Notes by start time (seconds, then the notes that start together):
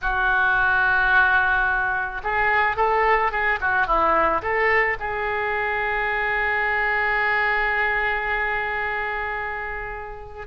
0.01 F#4
2.23 G#4
2.76 A4
3.31 G#4
3.60 F#4
3.86 E4
4.42 A4
4.99 G#4